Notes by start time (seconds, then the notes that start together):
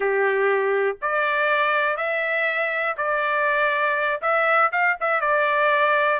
0.00 G4
1.01 D5
1.97 E5
2.97 D5
4.21 E5
4.72 F5
5.00 E5
5.21 D5